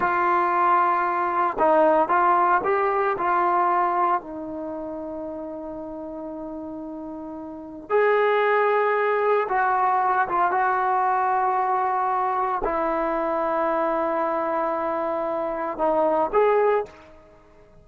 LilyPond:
\new Staff \with { instrumentName = "trombone" } { \time 4/4 \tempo 4 = 114 f'2. dis'4 | f'4 g'4 f'2 | dis'1~ | dis'2. gis'4~ |
gis'2 fis'4. f'8 | fis'1 | e'1~ | e'2 dis'4 gis'4 | }